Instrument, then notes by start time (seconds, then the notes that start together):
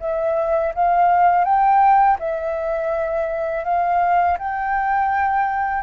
flute
0.00 E5
0.74 F5
1.44 G5
2.19 E5
3.64 F5
4.38 G5